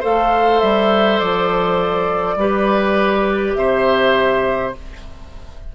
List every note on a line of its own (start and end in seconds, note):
0.00 0.62 A3
0.00 2.37 A4
0.00 2.35 C5
0.00 0.60 F5
0.60 1.21 G3
0.60 1.19 E5
1.19 2.36 F3
1.19 3.54 D5
2.36 3.53 G3
2.36 4.75 G4
2.36 3.57 B4
3.54 4.74 C3
3.54 4.75 C5
3.54 4.72 E5